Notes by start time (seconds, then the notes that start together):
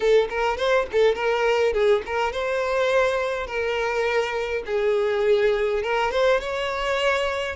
0.00 A4
0.29 A#4
0.57 C5
0.92 A4
1.15 A#4
1.73 G#4
2.06 A#4
2.32 C5
3.46 A#4
4.66 G#4
5.82 A#4
6.11 C5
6.40 C#5